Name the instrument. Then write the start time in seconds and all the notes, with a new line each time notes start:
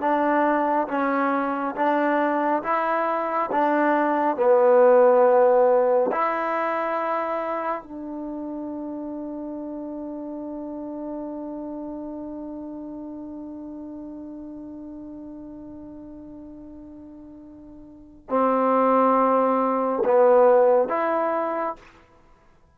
trombone
0.00 D4
0.88 C#4
1.75 D4
2.63 E4
3.51 D4
4.36 B3
6.12 E4
7.83 D4
18.29 C4
20.04 B3
20.89 E4